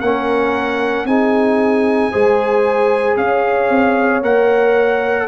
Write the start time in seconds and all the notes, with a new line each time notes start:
0.00 A#3 C#4 A#4 F#5
1.04 C4 D#4 G#4 G#5
2.11 G#3 G#4 C5
3.16 C#4 C#5 F5
3.69 C4
4.21 A#3 A#4 F#5